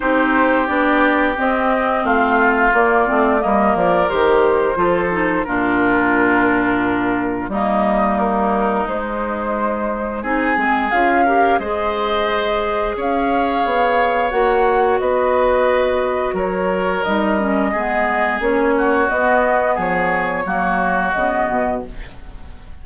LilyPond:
<<
  \new Staff \with { instrumentName = "flute" } { \time 4/4 \tempo 4 = 88 c''4 d''4 dis''4 f''4 | d''4 dis''8 d''8 c''2 | ais'2. dis''4 | ais'4 c''2 gis''4 |
f''4 dis''2 f''4~ | f''4 fis''4 dis''2 | cis''4 dis''2 cis''4 | dis''4 cis''2 dis''4 | }
  \new Staff \with { instrumentName = "oboe" } { \time 4/4 g'2. f'4~ | f'4 ais'2 a'4 | f'2. dis'4~ | dis'2. gis'4~ |
gis'8 ais'8 c''2 cis''4~ | cis''2 b'2 | ais'2 gis'4. fis'8~ | fis'4 gis'4 fis'2 | }
  \new Staff \with { instrumentName = "clarinet" } { \time 4/4 dis'4 d'4 c'2 | ais8 c'8 ais4 g'4 f'8 dis'8 | d'2. ais4~ | ais4 gis2 dis'8 c'8 |
f'8 g'8 gis'2.~ | gis'4 fis'2.~ | fis'4 dis'8 cis'8 b4 cis'4 | b2 ais4 b4 | }
  \new Staff \with { instrumentName = "bassoon" } { \time 4/4 c'4 b4 c'4 a4 | ais8 a8 g8 f8 dis4 f4 | ais,2. g4~ | g4 gis2 c'8 gis8 |
cis'4 gis2 cis'4 | b4 ais4 b2 | fis4 g4 gis4 ais4 | b4 f4 fis4 cis8 b,8 | }
>>